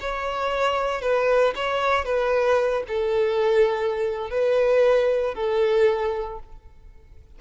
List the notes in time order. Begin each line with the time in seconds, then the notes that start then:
0.00 C#5
1.02 B4
1.56 C#5
2.05 B4
2.88 A4
4.30 B4
5.35 A4